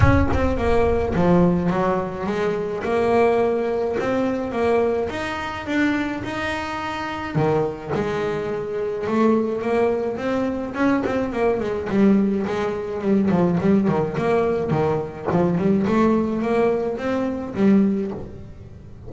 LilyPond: \new Staff \with { instrumentName = "double bass" } { \time 4/4 \tempo 4 = 106 cis'8 c'8 ais4 f4 fis4 | gis4 ais2 c'4 | ais4 dis'4 d'4 dis'4~ | dis'4 dis4 gis2 |
a4 ais4 c'4 cis'8 c'8 | ais8 gis8 g4 gis4 g8 f8 | g8 dis8 ais4 dis4 f8 g8 | a4 ais4 c'4 g4 | }